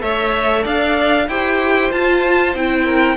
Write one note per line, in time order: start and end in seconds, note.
0.00 0.65 A3
0.00 1.26 A4
0.00 0.63 C#5
0.00 0.65 E5
0.63 1.28 D4
0.63 1.26 D5
0.63 1.29 F5
1.28 1.91 E4
1.28 1.92 G4
1.28 2.85 C5
1.28 1.92 G5
1.92 2.55 F4
1.92 2.55 A5
2.55 3.17 C4
2.55 3.17 E4
2.55 3.17 G5
2.85 3.16 A#4